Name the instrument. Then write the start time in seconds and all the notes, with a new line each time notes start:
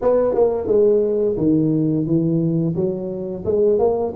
tuba
0.01 B3
0.34 A#3
0.67 G#3
1.37 D#3
2.06 E3
2.75 F#3
3.45 G#3
3.78 A#3